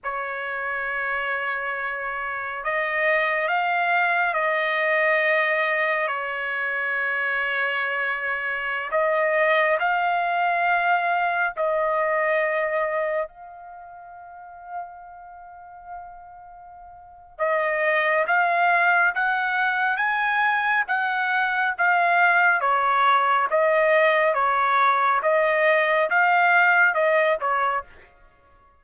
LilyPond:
\new Staff \with { instrumentName = "trumpet" } { \time 4/4 \tempo 4 = 69 cis''2. dis''4 | f''4 dis''2 cis''4~ | cis''2~ cis''16 dis''4 f''8.~ | f''4~ f''16 dis''2 f''8.~ |
f''1 | dis''4 f''4 fis''4 gis''4 | fis''4 f''4 cis''4 dis''4 | cis''4 dis''4 f''4 dis''8 cis''8 | }